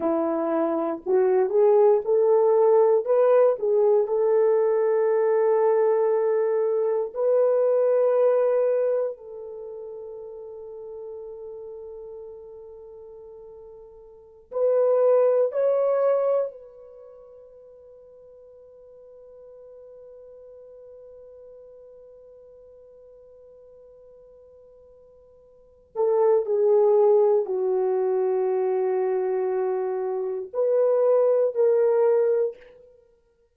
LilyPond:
\new Staff \with { instrumentName = "horn" } { \time 4/4 \tempo 4 = 59 e'4 fis'8 gis'8 a'4 b'8 gis'8 | a'2. b'4~ | b'4 a'2.~ | a'2~ a'16 b'4 cis''8.~ |
cis''16 b'2.~ b'8.~ | b'1~ | b'4. a'8 gis'4 fis'4~ | fis'2 b'4 ais'4 | }